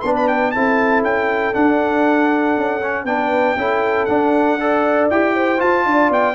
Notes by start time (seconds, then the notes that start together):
0.00 B3 D4 B4 C6
0.16 B5
0.27 G5
0.51 C4 E4 A4 A5
1.02 C#4 G5
1.53 D4 F#5
2.57 C#4
2.82 C#4
3.04 B3 D4 B4 G5
3.56 C#4 E4 A4
4.05 D4 F#5
4.59 A4 D5
5.10 E4 G4 G5
5.34 C5
5.58 F4 A5
5.85 D4 D5
6.10 B3 G5